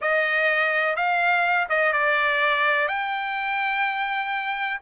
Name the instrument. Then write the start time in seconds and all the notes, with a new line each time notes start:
trumpet
0.01 D#5
0.96 F5
1.69 D#5
1.92 D5
2.88 G5